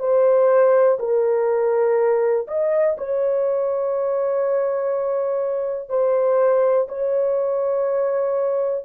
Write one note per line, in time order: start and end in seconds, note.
0.00 0.98 C5
0.99 2.47 A#4
2.48 2.97 D#5
2.98 5.90 C#5
5.90 6.88 C5
6.89 8.85 C#5